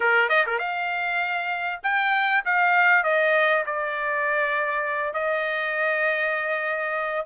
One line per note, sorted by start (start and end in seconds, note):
0.00 0.29 A#4
0.29 0.44 D#5
0.46 0.58 A#4
0.58 1.80 F5
1.83 2.44 G5
2.45 3.03 F5
3.03 3.64 D#5
3.66 5.13 D5
5.13 7.26 D#5